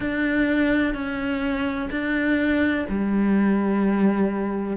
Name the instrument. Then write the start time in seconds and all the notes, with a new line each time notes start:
cello
0.00 D4
0.94 C#4
1.90 D4
2.89 G3